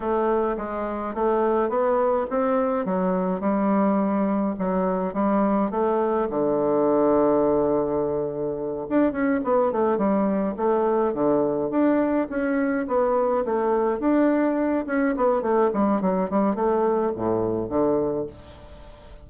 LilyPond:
\new Staff \with { instrumentName = "bassoon" } { \time 4/4 \tempo 4 = 105 a4 gis4 a4 b4 | c'4 fis4 g2 | fis4 g4 a4 d4~ | d2.~ d8 d'8 |
cis'8 b8 a8 g4 a4 d8~ | d8 d'4 cis'4 b4 a8~ | a8 d'4. cis'8 b8 a8 g8 | fis8 g8 a4 a,4 d4 | }